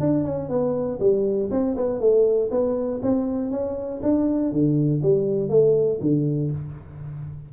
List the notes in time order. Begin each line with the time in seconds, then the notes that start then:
0.00 D4
0.24 C#4
0.49 B3
1.00 G3
1.50 C4
1.76 B3
2.00 A3
2.51 B3
3.02 C4
3.50 C#4
4.02 D4
4.51 D3
5.02 G3
5.49 A3
6.00 D3